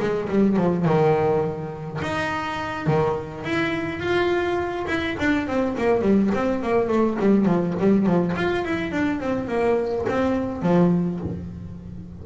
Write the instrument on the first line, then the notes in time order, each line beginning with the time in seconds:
double bass
0.00 G#3
0.29 G3
0.57 F3
0.85 D#3
2.02 D#4
2.87 D#3
3.44 E4
4.00 F4
4.87 E4
5.20 D4
5.47 C4
5.78 A#3
6.02 G3
6.35 C4
6.63 A#3
6.88 A3
7.20 G3
7.46 F3
7.80 G3
8.06 F3
8.37 F4
8.65 E4
8.92 D4
9.20 C4
9.48 A#3
10.09 C4
10.62 F3